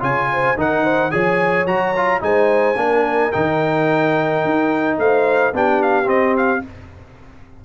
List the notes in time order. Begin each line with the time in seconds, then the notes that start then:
0.00 C#3 F4 C#5 G#5
0.33 C5
0.57 D#3 D#4 A#4 F#5
0.83 C5
1.11 F3 G#4 C#5 G#5
1.65 F#3 F#4 A#5
1.96 F4
2.20 G#3 D#4 C5 G#5
2.76 A#3 D4 A#4
3.32 D#3 D#4 G5
4.45 D#4
4.98 A3 C5 F5
5.53 B3 D4 G4 G5
5.82 F5
6.04 C4 D#5
6.37 F5